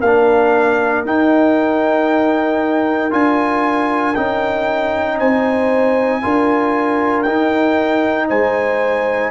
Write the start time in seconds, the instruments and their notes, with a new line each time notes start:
0.00 tuba A#3, trombone D4, horn A#4, trumpet F5
1.04 tuba D#4, trombone D#4, trumpet G5
3.10 tuba D4, trombone F4, trumpet G#5
4.14 tuba C#4, trombone D#4, trumpet G5
5.18 tuba C4, horn C5, trumpet G#5
6.22 tuba D4, trombone F4, horn A#4
7.22 trombone D#4, tuba D#4, trumpet G5
8.28 tuba G#3, horn C5, trumpet G#5